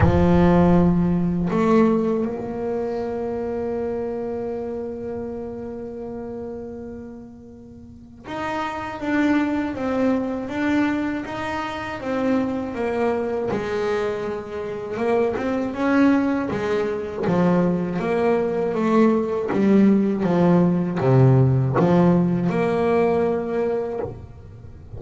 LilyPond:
\new Staff \with { instrumentName = "double bass" } { \time 4/4 \tempo 4 = 80 f2 a4 ais4~ | ais1~ | ais2. dis'4 | d'4 c'4 d'4 dis'4 |
c'4 ais4 gis2 | ais8 c'8 cis'4 gis4 f4 | ais4 a4 g4 f4 | c4 f4 ais2 | }